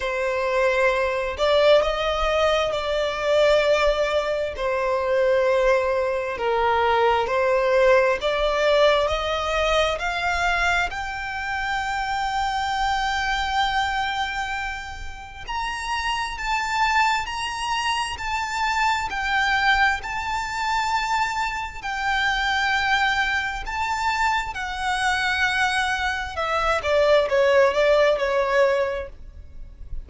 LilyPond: \new Staff \with { instrumentName = "violin" } { \time 4/4 \tempo 4 = 66 c''4. d''8 dis''4 d''4~ | d''4 c''2 ais'4 | c''4 d''4 dis''4 f''4 | g''1~ |
g''4 ais''4 a''4 ais''4 | a''4 g''4 a''2 | g''2 a''4 fis''4~ | fis''4 e''8 d''8 cis''8 d''8 cis''4 | }